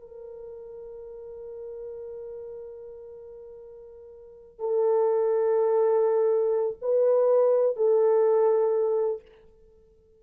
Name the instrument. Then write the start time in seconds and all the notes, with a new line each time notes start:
horn
0.00 A#4
4.59 A4
6.81 B4
7.76 A4